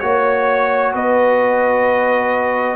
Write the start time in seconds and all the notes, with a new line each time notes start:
0.00 A#3 F#4 C#5
0.94 B3 B4 D#5